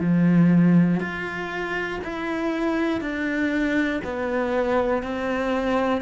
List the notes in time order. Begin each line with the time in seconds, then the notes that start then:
0.00 F3
1.00 F4
2.04 E4
3.01 D4
4.04 B3
5.02 C4